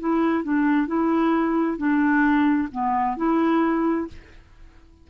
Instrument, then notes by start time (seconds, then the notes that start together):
clarinet
0.00 E4
0.44 D4
0.88 E4
1.78 D4
2.72 B3
3.17 E4